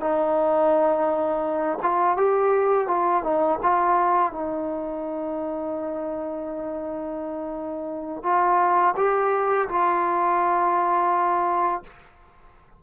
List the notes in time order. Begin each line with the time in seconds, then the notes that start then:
0.00 D#4
1.82 F4
2.17 G4
2.88 F4
3.23 D#4
3.63 F4
4.32 D#4
8.23 F4
8.97 G4
9.69 F4